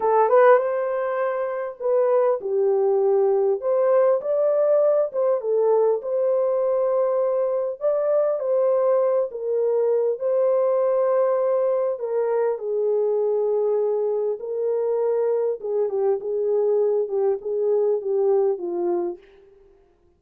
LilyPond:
\new Staff \with { instrumentName = "horn" } { \time 4/4 \tempo 4 = 100 a'8 b'8 c''2 b'4 | g'2 c''4 d''4~ | d''8 c''8 a'4 c''2~ | c''4 d''4 c''4. ais'8~ |
ais'4 c''2. | ais'4 gis'2. | ais'2 gis'8 g'8 gis'4~ | gis'8 g'8 gis'4 g'4 f'4 | }